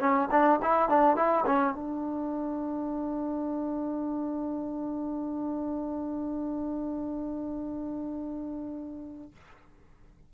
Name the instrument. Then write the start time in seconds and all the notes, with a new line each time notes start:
trombone
0.00 C#4
0.31 D4
0.62 E4
0.89 D4
1.16 E4
1.46 C#4
1.74 D4